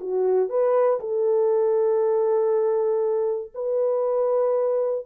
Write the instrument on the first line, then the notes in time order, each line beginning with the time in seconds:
horn
0.00 F#4
0.49 B4
0.99 A4
3.54 B4